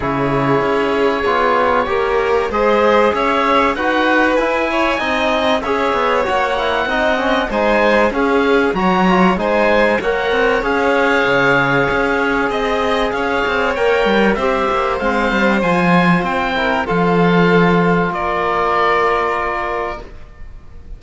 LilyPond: <<
  \new Staff \with { instrumentName = "oboe" } { \time 4/4 \tempo 4 = 96 cis''1 | dis''4 e''4 fis''4 gis''4~ | gis''4 e''4 fis''2 | gis''4 f''4 ais''4 gis''4 |
fis''4 f''2. | dis''4 f''4 g''4 e''4 | f''4 gis''4 g''4 f''4~ | f''4 d''2. | }
  \new Staff \with { instrumentName = "violin" } { \time 4/4 gis'2. ais'4 | c''4 cis''4 b'4. cis''8 | dis''4 cis''2 dis''4 | c''4 gis'4 cis''4 c''4 |
cis''1 | dis''4 cis''2 c''4~ | c''2~ c''8 ais'8 a'4~ | a'4 ais'2. | }
  \new Staff \with { instrumentName = "trombone" } { \time 4/4 e'2 f'4 g'4 | gis'2 fis'4 e'4 | dis'4 gis'4 fis'8 e'8 dis'8 cis'8 | dis'4 cis'4 fis'8 f'8 dis'4 |
ais'4 gis'2.~ | gis'2 ais'4 g'4 | c'4 f'4. e'8 f'4~ | f'1 | }
  \new Staff \with { instrumentName = "cello" } { \time 4/4 cis4 cis'4 b4 ais4 | gis4 cis'4 dis'4 e'4 | c'4 cis'8 b8 ais4 c'4 | gis4 cis'4 fis4 gis4 |
ais8 c'8 cis'4 cis4 cis'4 | c'4 cis'8 c'8 ais8 g8 c'8 ais8 | gis8 g8 f4 c'4 f4~ | f4 ais2. | }
>>